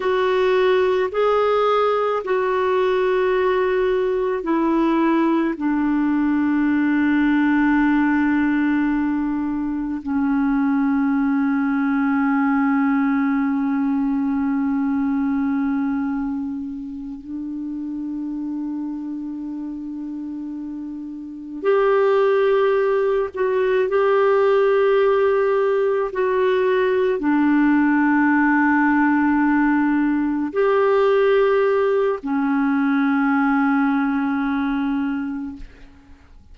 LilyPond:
\new Staff \with { instrumentName = "clarinet" } { \time 4/4 \tempo 4 = 54 fis'4 gis'4 fis'2 | e'4 d'2.~ | d'4 cis'2.~ | cis'2.~ cis'8 d'8~ |
d'2.~ d'8 g'8~ | g'4 fis'8 g'2 fis'8~ | fis'8 d'2. g'8~ | g'4 cis'2. | }